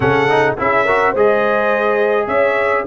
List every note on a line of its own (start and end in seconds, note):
0.00 0.57 C#3
0.00 0.28 C#4
0.00 0.57 A4
0.00 0.55 F#5
0.28 0.57 D#4
0.57 1.14 C#4
0.57 0.86 E4
0.57 0.85 G#4
0.57 1.16 E5
0.85 1.16 F#4
0.85 1.11 A#4
1.11 2.27 G#3
1.11 2.86 G#4
1.11 2.25 C5
1.11 2.27 D#5
2.27 2.84 C#4
2.27 2.85 C#5
2.27 2.85 E5